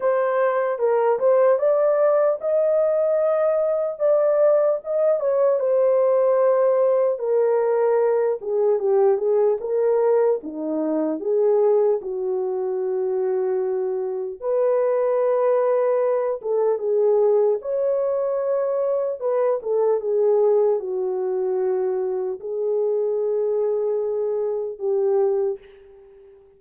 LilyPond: \new Staff \with { instrumentName = "horn" } { \time 4/4 \tempo 4 = 75 c''4 ais'8 c''8 d''4 dis''4~ | dis''4 d''4 dis''8 cis''8 c''4~ | c''4 ais'4. gis'8 g'8 gis'8 | ais'4 dis'4 gis'4 fis'4~ |
fis'2 b'2~ | b'8 a'8 gis'4 cis''2 | b'8 a'8 gis'4 fis'2 | gis'2. g'4 | }